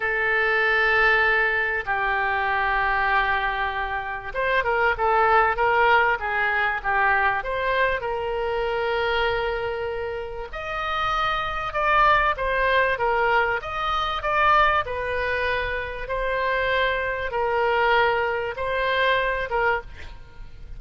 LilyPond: \new Staff \with { instrumentName = "oboe" } { \time 4/4 \tempo 4 = 97 a'2. g'4~ | g'2. c''8 ais'8 | a'4 ais'4 gis'4 g'4 | c''4 ais'2.~ |
ais'4 dis''2 d''4 | c''4 ais'4 dis''4 d''4 | b'2 c''2 | ais'2 c''4. ais'8 | }